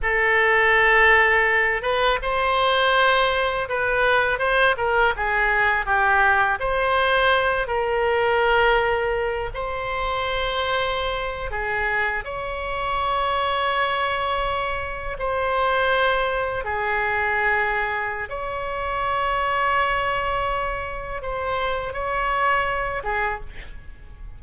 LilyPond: \new Staff \with { instrumentName = "oboe" } { \time 4/4 \tempo 4 = 82 a'2~ a'8 b'8 c''4~ | c''4 b'4 c''8 ais'8 gis'4 | g'4 c''4. ais'4.~ | ais'4 c''2~ c''8. gis'16~ |
gis'8. cis''2.~ cis''16~ | cis''8. c''2 gis'4~ gis'16~ | gis'4 cis''2.~ | cis''4 c''4 cis''4. gis'8 | }